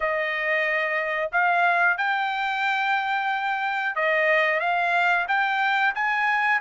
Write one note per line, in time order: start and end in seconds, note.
0.00 1.30 D#5
1.32 1.97 F5
1.97 3.95 G5
3.95 4.59 D#5
4.59 5.25 F5
5.27 5.93 G5
5.94 6.60 G#5